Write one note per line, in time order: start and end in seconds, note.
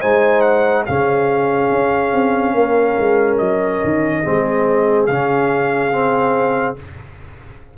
0.00 0.87 G#3
0.00 0.87 D#4
0.00 0.85 C5
0.00 0.41 G#5
0.41 0.83 F#5
0.86 1.71 C#3
0.86 4.24 C#4
0.86 2.55 G#4
0.86 3.38 F5
1.71 2.12 C#4
2.12 2.54 C4
2.54 2.96 A#3
2.54 4.23 A#4
2.99 3.40 G#3
3.38 3.82 F#3
3.38 5.06 D#5
3.84 4.26 D#3
4.23 5.08 G#3
4.23 5.08 C4
4.23 6.77 G#4
5.06 6.77 C#3
5.06 5.92 C#4
5.06 6.75 F5
5.92 6.76 C4